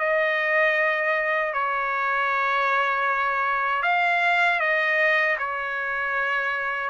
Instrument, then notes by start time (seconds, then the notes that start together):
trumpet
0.00 D#5
1.54 C#5
3.83 F5
4.60 D#5
5.39 C#5